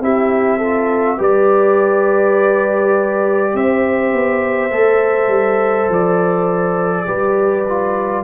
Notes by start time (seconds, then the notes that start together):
0.00 C4 E4 G4 E5
0.58 F4 A4
1.18 G3 G4 B4 D5
3.54 C4 C5 E5
4.13 B3
4.71 A3 A4
5.27 G3
5.89 F3 D5
7.06 G3 G4 B4
7.69 F4